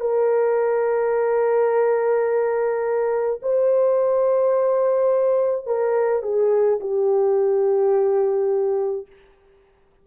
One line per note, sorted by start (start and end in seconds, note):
0.00 3.40 A#4
3.42 5.66 C5
5.66 6.23 A#4
6.23 6.79 G#4
6.80 9.06 G4